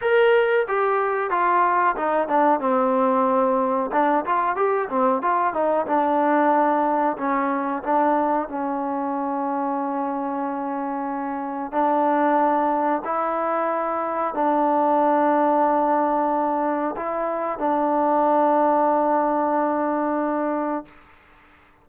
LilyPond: \new Staff \with { instrumentName = "trombone" } { \time 4/4 \tempo 4 = 92 ais'4 g'4 f'4 dis'8 d'8 | c'2 d'8 f'8 g'8 c'8 | f'8 dis'8 d'2 cis'4 | d'4 cis'2.~ |
cis'2 d'2 | e'2 d'2~ | d'2 e'4 d'4~ | d'1 | }